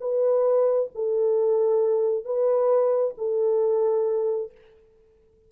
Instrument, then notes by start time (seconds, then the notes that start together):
horn
0.00 B4
0.94 A4
2.24 B4
3.17 A4